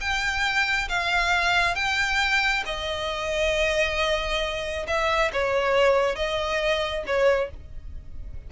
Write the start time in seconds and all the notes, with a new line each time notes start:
0.00 G5
0.89 F5
1.75 G5
2.66 D#5
4.87 E5
5.33 C#5
6.15 D#5
7.06 C#5